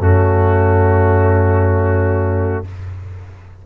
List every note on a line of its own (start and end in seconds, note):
0.00 2.65 F#2
0.00 2.65 A3
0.00 2.66 C#4
0.00 2.67 F#4